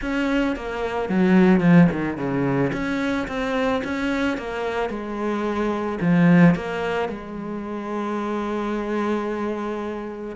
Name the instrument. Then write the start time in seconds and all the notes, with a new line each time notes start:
cello
0.01 C#4
0.56 A#3
1.09 F#3
1.60 F3
1.91 D#3
2.17 C#3
2.72 C#4
3.27 C4
3.84 C#4
4.37 A#3
4.89 G#3
6.00 F3
6.55 A#3
7.08 G#3